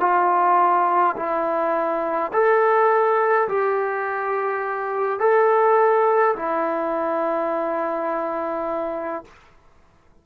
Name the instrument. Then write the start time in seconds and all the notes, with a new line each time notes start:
trombone
0.00 F4
1.16 E4
2.32 A4
3.48 G4
5.20 A4
6.36 E4